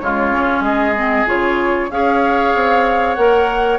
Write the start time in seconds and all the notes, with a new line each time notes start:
0.00 C#3 G#3 F4 C#5
0.32 C#4
0.60 G#3 G#4 D#5
0.96 C4
1.27 C#3 F4 C#5
1.91 C#4 G#4 C#5 F5
2.55 C4
3.15 A#3 A#4 F#5